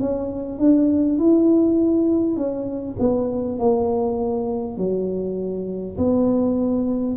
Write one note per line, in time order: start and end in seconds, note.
0.00 0.59 C#4
0.59 1.19 D4
1.19 2.36 E4
2.36 2.96 C#4
2.99 3.59 B3
3.59 4.77 A#3
4.77 5.97 F#3
5.97 7.17 B3